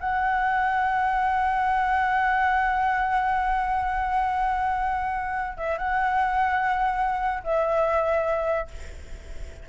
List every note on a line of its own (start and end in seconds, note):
0.00 5.57 F#5
5.57 5.78 E5
5.78 7.43 F#5
7.44 8.68 E5